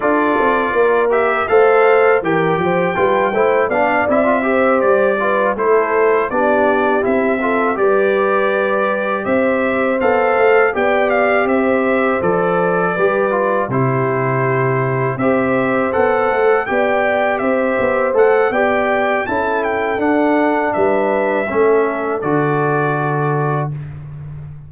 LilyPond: <<
  \new Staff \with { instrumentName = "trumpet" } { \time 4/4 \tempo 4 = 81 d''4. e''8 f''4 g''4~ | g''4 f''8 e''4 d''4 c''8~ | c''8 d''4 e''4 d''4.~ | d''8 e''4 f''4 g''8 f''8 e''8~ |
e''8 d''2 c''4.~ | c''8 e''4 fis''4 g''4 e''8~ | e''8 fis''8 g''4 a''8 g''8 fis''4 | e''2 d''2 | }
  \new Staff \with { instrumentName = "horn" } { \time 4/4 a'4 ais'4 c''4 ais'8 c''8 | b'8 c''8 d''4 c''4 b'8 a'8~ | a'8 g'4. a'8 b'4.~ | b'8 c''2 d''4 c''8~ |
c''4. b'4 g'4.~ | g'8 c''2 d''4 c''8~ | c''4 d''4 a'2 | b'4 a'2. | }
  \new Staff \with { instrumentName = "trombone" } { \time 4/4 f'4. g'8 a'4 g'4 | f'8 e'8 d'8 e'16 f'16 g'4 f'8 e'8~ | e'8 d'4 e'8 f'8 g'4.~ | g'4. a'4 g'4.~ |
g'8 a'4 g'8 f'8 e'4.~ | e'8 g'4 a'4 g'4.~ | g'8 a'8 g'4 e'4 d'4~ | d'4 cis'4 fis'2 | }
  \new Staff \with { instrumentName = "tuba" } { \time 4/4 d'8 c'8 ais4 a4 e8 f8 | g8 a8 b8 c'4 g4 a8~ | a8 b4 c'4 g4.~ | g8 c'4 b8 a8 b4 c'8~ |
c'8 f4 g4 c4.~ | c8 c'4 b8 a8 b4 c'8 | b8 a8 b4 cis'4 d'4 | g4 a4 d2 | }
>>